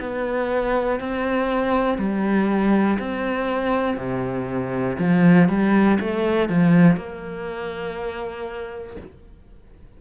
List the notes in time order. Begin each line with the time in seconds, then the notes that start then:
0.00 B3
1.00 C4
1.99 G3
2.99 C4
3.97 C3
4.99 F3
5.49 G3
6.00 A3
6.49 F3
6.97 A#3